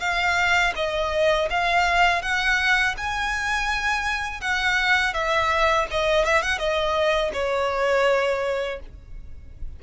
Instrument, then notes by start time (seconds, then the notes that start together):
violin
0.00 F5
0.75 D#5
1.50 F5
2.22 F#5
2.97 G#5
4.41 F#5
5.14 E5
5.91 D#5
6.25 E5
6.42 F#5
6.58 D#5
7.33 C#5